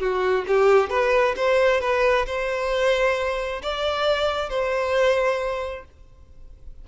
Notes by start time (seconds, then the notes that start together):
0.00 F#4
0.47 G4
0.90 B4
1.36 C5
1.81 B4
2.26 C5
3.62 D5
4.49 C5